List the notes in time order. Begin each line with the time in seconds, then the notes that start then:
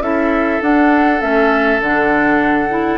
0.00 C#4 E4 A4 E5
0.62 D4 F#5
1.21 A3 C#4 E5
1.80 D3 D4 F#5
2.70 E4